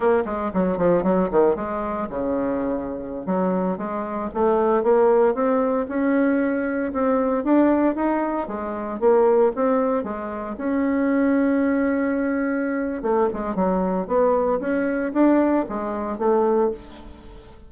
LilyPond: \new Staff \with { instrumentName = "bassoon" } { \time 4/4 \tempo 4 = 115 ais8 gis8 fis8 f8 fis8 dis8 gis4 | cis2~ cis16 fis4 gis8.~ | gis16 a4 ais4 c'4 cis'8.~ | cis'4~ cis'16 c'4 d'4 dis'8.~ |
dis'16 gis4 ais4 c'4 gis8.~ | gis16 cis'2.~ cis'8.~ | cis'4 a8 gis8 fis4 b4 | cis'4 d'4 gis4 a4 | }